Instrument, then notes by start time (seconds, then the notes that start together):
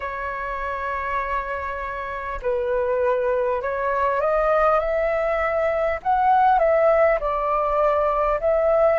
flute
0.00 C#5
2.42 B4
3.62 C#5
4.20 D#5
4.79 E5
6.02 F#5
6.58 E5
7.20 D5
8.40 E5